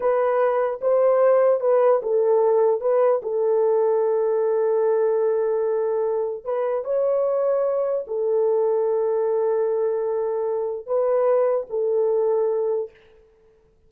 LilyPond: \new Staff \with { instrumentName = "horn" } { \time 4/4 \tempo 4 = 149 b'2 c''2 | b'4 a'2 b'4 | a'1~ | a'1 |
b'4 cis''2. | a'1~ | a'2. b'4~ | b'4 a'2. | }